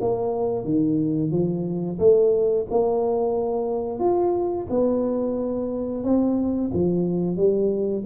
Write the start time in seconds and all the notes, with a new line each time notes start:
0.00 A#3
0.64 D#3
1.31 F3
1.99 A3
2.70 A#3
3.99 F4
4.69 B3
6.03 C4
6.73 F3
7.36 G3